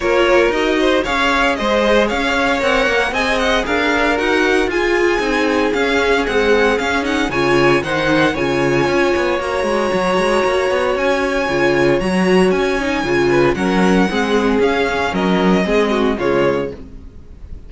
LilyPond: <<
  \new Staff \with { instrumentName = "violin" } { \time 4/4 \tempo 4 = 115 cis''4 dis''4 f''4 dis''4 | f''4 fis''4 gis''8 fis''8 f''4 | fis''4 gis''2 f''4 | fis''4 f''8 fis''8 gis''4 fis''4 |
gis''2 ais''2~ | ais''4 gis''2 ais''4 | gis''2 fis''2 | f''4 dis''2 cis''4 | }
  \new Staff \with { instrumentName = "violin" } { \time 4/4 ais'4. c''8 cis''4 c''4 | cis''2 dis''4 ais'4~ | ais'4 gis'2.~ | gis'2 cis''4 c''4 |
cis''1~ | cis''1~ | cis''4. b'8 ais'4 gis'4~ | gis'4 ais'4 gis'8 fis'8 f'4 | }
  \new Staff \with { instrumentName = "viola" } { \time 4/4 f'4 fis'4 gis'2~ | gis'4 ais'4 gis'2 | fis'4 f'4 dis'4 cis'4 | gis4 cis'8 dis'8 f'4 dis'4 |
f'2 fis'2~ | fis'2 f'4 fis'4~ | fis'8 dis'8 f'4 cis'4 c'4 | cis'2 c'4 gis4 | }
  \new Staff \with { instrumentName = "cello" } { \time 4/4 ais4 dis'4 cis'4 gis4 | cis'4 c'8 ais8 c'4 d'4 | dis'4 f'4 c'4 cis'4 | c'4 cis'4 cis4 dis4 |
cis4 cis'8 b8 ais8 gis8 fis8 gis8 | ais8 b8 cis'4 cis4 fis4 | cis'4 cis4 fis4 gis4 | cis'4 fis4 gis4 cis4 | }
>>